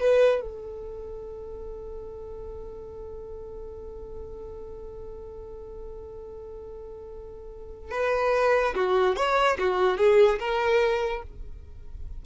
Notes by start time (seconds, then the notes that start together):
0.00 B4
0.42 A4
7.91 B4
8.75 F#4
9.16 C#5
9.59 F#4
9.98 G#4
10.39 A#4